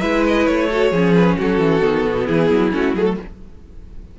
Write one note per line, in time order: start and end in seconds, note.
0.00 0.47 G#3
0.00 0.69 E4
0.00 0.68 B4
0.00 0.23 E5
0.27 0.46 D#5
0.46 0.91 A3
0.46 1.14 C#5
0.69 0.93 F#4
0.69 0.91 A4
0.91 1.36 F3
0.91 1.81 C#4
0.91 1.36 G#4
1.14 1.37 B4
1.37 1.58 F#3
1.37 2.24 F#4
1.37 2.26 A4
1.58 1.81 E3
1.81 2.05 D#3
1.81 2.71 B3
2.05 2.28 B2
2.24 2.50 E3
2.24 3.14 E4
2.24 2.71 G#4
2.50 2.73 F#3
2.71 2.94 A3
2.71 2.94 C#4
2.71 2.95 F#4
2.94 3.16 F#3
2.94 3.19 A3
2.94 3.04 G#4
3.04 3.16 A4